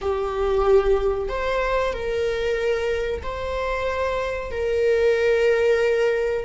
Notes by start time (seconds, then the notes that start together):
0.01 G4
1.28 C5
1.93 A#4
3.23 C5
4.51 A#4